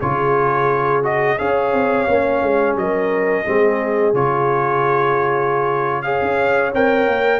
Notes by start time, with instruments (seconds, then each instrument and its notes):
0.00 tuba C#3, trombone F4, horn G#4, trumpet C#5
1.02 trombone F#4, trumpet D#5
1.38 tuba C#4, trombone G#4, horn C#5, trumpet F5
1.73 tuba C4
2.07 tuba A#3, trombone C#4
2.42 tuba G#3
2.75 tuba F#3, horn A#4, trumpet D#5
3.44 tuba G#3, trombone C4, horn G#4
4.13 tuba C#3, trombone F4, trumpet C#5
6.02 trombone G#4, horn C#5, trumpet F5
6.21 tuba C#4
6.73 tuba C4, trombone A#4, trumpet G5
7.07 tuba A#3